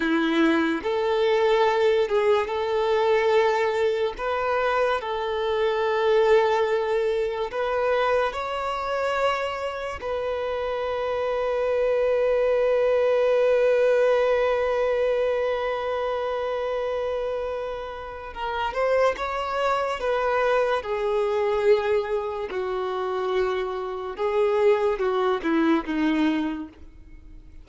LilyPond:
\new Staff \with { instrumentName = "violin" } { \time 4/4 \tempo 4 = 72 e'4 a'4. gis'8 a'4~ | a'4 b'4 a'2~ | a'4 b'4 cis''2 | b'1~ |
b'1~ | b'2 ais'8 c''8 cis''4 | b'4 gis'2 fis'4~ | fis'4 gis'4 fis'8 e'8 dis'4 | }